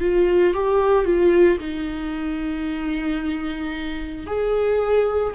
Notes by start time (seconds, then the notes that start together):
0.00 F4
0.53 G4
1.05 F4
1.59 D#4
4.26 G#4